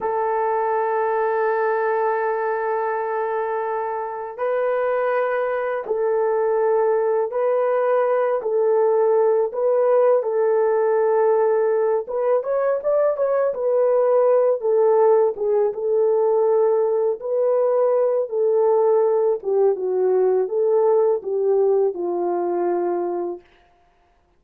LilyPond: \new Staff \with { instrumentName = "horn" } { \time 4/4 \tempo 4 = 82 a'1~ | a'2 b'2 | a'2 b'4. a'8~ | a'4 b'4 a'2~ |
a'8 b'8 cis''8 d''8 cis''8 b'4. | a'4 gis'8 a'2 b'8~ | b'4 a'4. g'8 fis'4 | a'4 g'4 f'2 | }